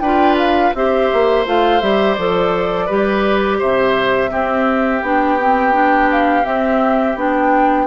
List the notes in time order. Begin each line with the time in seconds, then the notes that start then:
0.00 D4 F4 B4 G5
0.38 F5
0.75 C4 G4 C5 E5
1.14 A#3
1.46 A3 F4 F5
1.81 G3 G4 E5
2.14 F3 A4 D5
2.86 G3 G4 B4
3.59 C3 C5 E5
4.30 C4 G4
5.03 B3 D4 G5
5.40 C4
5.73 D4
6.12 F5
6.44 C4 E5
7.16 B3 D4 G5